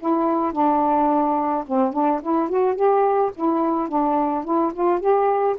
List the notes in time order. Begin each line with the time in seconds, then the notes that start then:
0.00 E4
0.53 D4
1.67 C4
1.93 D4
2.22 E4
2.49 F#4
2.76 G4
3.36 E4
3.89 D4
4.45 E4
4.74 F4
5.00 G4